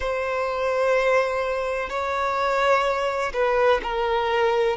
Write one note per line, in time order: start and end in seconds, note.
0.00 1.89 C5
1.89 3.32 C#5
3.33 3.81 B4
3.83 4.76 A#4